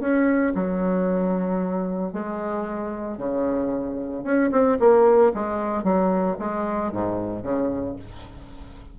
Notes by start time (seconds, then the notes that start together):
0.00 C#4
0.55 F#3
2.13 G#3
3.18 C#3
4.24 C#4
4.51 C4
4.79 A#3
5.34 G#3
5.84 F#3
6.39 G#3
6.92 G#2
7.43 C#3